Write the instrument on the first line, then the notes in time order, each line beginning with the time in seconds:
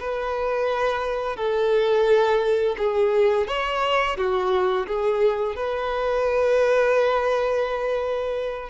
violin
0.00 B4
1.37 A4
2.78 G#4
3.48 C#5
4.17 F#4
4.87 G#4
5.56 B4